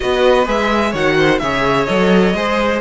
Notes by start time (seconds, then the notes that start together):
0.00 B3 F#4 B4 D#5
0.45 G#3 G#4 E5
0.90 D#3 F#4 C#5 F#5
1.17 C5
1.38 C#3 G#4 C#5 E5
1.85 F#3 A4 D#5
2.34 G#3 G#4 C5